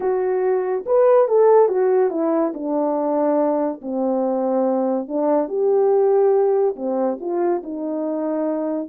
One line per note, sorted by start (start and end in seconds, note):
0.00 0.84 F#4
0.86 1.28 B4
1.28 1.68 A4
1.68 2.10 F#4
2.10 2.52 E4
2.54 3.80 D4
3.81 5.08 C4
5.08 5.48 D4
5.48 6.75 G4
6.76 7.18 C4
7.20 7.62 F4
7.63 8.88 D#4